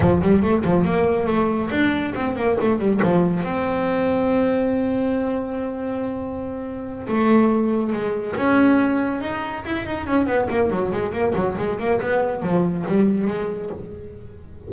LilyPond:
\new Staff \with { instrumentName = "double bass" } { \time 4/4 \tempo 4 = 140 f8 g8 a8 f8 ais4 a4 | d'4 c'8 ais8 a8 g8 f4 | c'1~ | c'1~ |
c'8 a2 gis4 cis'8~ | cis'4. dis'4 e'8 dis'8 cis'8 | b8 ais8 fis8 gis8 ais8 fis8 gis8 ais8 | b4 f4 g4 gis4 | }